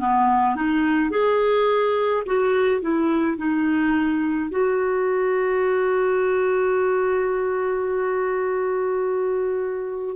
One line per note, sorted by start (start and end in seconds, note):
0.00 0.56 B3
0.56 1.11 D#4
1.11 2.24 G#4
2.26 2.81 F#4
2.81 3.37 E4
3.37 4.50 D#4
4.50 10.16 F#4